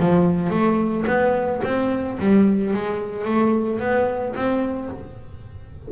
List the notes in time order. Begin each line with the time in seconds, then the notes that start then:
0.00 F3
0.50 A3
1.07 B3
1.64 C4
2.19 G3
2.74 G#3
3.25 A3
3.80 B3
4.36 C4